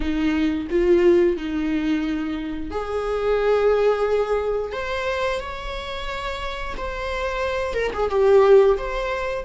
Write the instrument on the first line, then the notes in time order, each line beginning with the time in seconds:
viola
0.00 D#4
0.70 F4
1.36 D#4
2.70 G#4
4.72 C5
5.40 C#5
6.77 C5
7.74 A#4
7.93 G#4
8.10 G4
8.77 C5